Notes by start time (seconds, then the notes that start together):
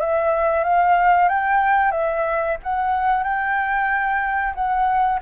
0.00 E5
0.64 F5
1.29 G5
1.92 E5
2.63 F#5
3.23 G5
4.55 F#5